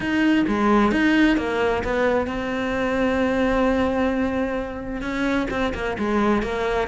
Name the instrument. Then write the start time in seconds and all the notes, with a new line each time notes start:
cello
0.00 D#4
0.47 G#3
0.91 D#4
1.37 A#3
1.84 B3
2.26 C4
5.01 C#4
5.50 C4
5.74 A#3
5.98 G#3
6.42 A#3